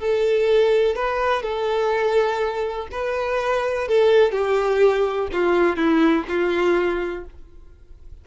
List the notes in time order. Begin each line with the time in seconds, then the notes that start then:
0.00 A4
0.96 B4
1.43 A4
2.92 B4
3.88 A4
4.32 G4
5.33 F4
5.77 E4
6.28 F4